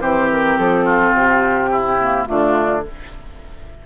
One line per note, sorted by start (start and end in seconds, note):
0.00 0.58 E3
0.00 1.98 C4
0.00 0.85 G4
0.00 0.29 C5
0.32 0.58 A#4
0.58 1.13 F3
0.58 1.15 A4
0.85 1.70 F4
1.13 2.26 C3
1.13 2.27 G4
1.72 2.28 E4
2.00 2.26 A#3
2.26 2.86 D3
2.26 2.83 A3
2.26 2.85 D4
2.26 2.83 F4